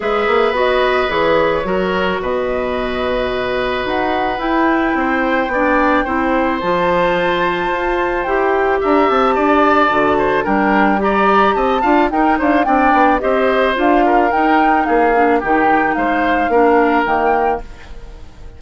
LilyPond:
<<
  \new Staff \with { instrumentName = "flute" } { \time 4/4 \tempo 4 = 109 e''4 dis''4 cis''2 | dis''2. fis''4 | g''1 | a''2. g''4 |
ais''8 a''2~ a''8 g''4 | ais''4 a''4 g''8 f''8 g''4 | dis''4 f''4 g''4 f''4 | g''4 f''2 g''4 | }
  \new Staff \with { instrumentName = "oboe" } { \time 4/4 b'2. ais'4 | b'1~ | b'4 c''4 d''4 c''4~ | c''1 |
e''4 d''4. c''8 ais'4 | d''4 dis''8 f''8 ais'8 c''8 d''4 | c''4. ais'4. gis'4 | g'4 c''4 ais'2 | }
  \new Staff \with { instrumentName = "clarinet" } { \time 4/4 gis'4 fis'4 gis'4 fis'4~ | fis'1 | e'2 d'4 e'4 | f'2. g'4~ |
g'2 fis'4 d'4 | g'4. f'8 dis'4 d'4 | g'4 f'4 dis'4. d'8 | dis'2 d'4 ais4 | }
  \new Staff \with { instrumentName = "bassoon" } { \time 4/4 gis8 ais8 b4 e4 fis4 | b,2. dis'4 | e'4 c'4 b4 c'4 | f2 f'4 e'4 |
d'8 c'8 d'4 d4 g4~ | g4 c'8 d'8 dis'8 d'8 c'8 b8 | c'4 d'4 dis'4 ais4 | dis4 gis4 ais4 dis4 | }
>>